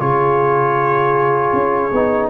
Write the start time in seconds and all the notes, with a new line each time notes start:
0.00 C#3 F4 G#4 C#5
1.53 C#4
1.92 B3 D#4